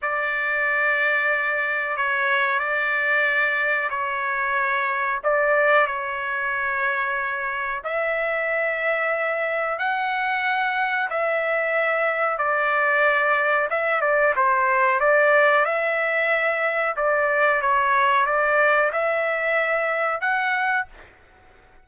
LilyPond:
\new Staff \with { instrumentName = "trumpet" } { \time 4/4 \tempo 4 = 92 d''2. cis''4 | d''2 cis''2 | d''4 cis''2. | e''2. fis''4~ |
fis''4 e''2 d''4~ | d''4 e''8 d''8 c''4 d''4 | e''2 d''4 cis''4 | d''4 e''2 fis''4 | }